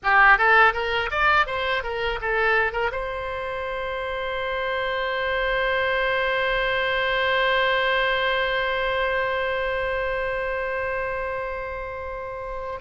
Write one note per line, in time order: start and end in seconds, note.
0.03 0.38 G4
0.38 0.73 A4
0.73 1.09 A#4
1.10 1.46 D5
1.46 1.83 C5
1.83 2.19 A#4
2.21 2.72 A4
2.72 2.90 A#4
2.91 12.79 C5